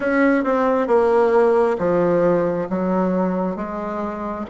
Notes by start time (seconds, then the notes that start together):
0.00 C#4
0.44 C4
0.87 A#3
1.78 F3
2.69 F#3
3.56 G#3